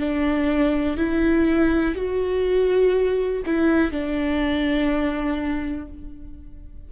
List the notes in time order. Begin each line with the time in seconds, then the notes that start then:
0.00 D4
0.97 E4
1.95 F#4
3.46 E4
3.92 D4